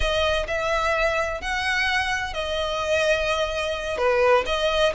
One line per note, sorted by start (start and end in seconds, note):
0.00 0.46 D#5
0.47 1.41 E5
1.41 2.33 F#5
2.33 3.97 D#5
3.97 4.44 B4
4.46 4.93 D#5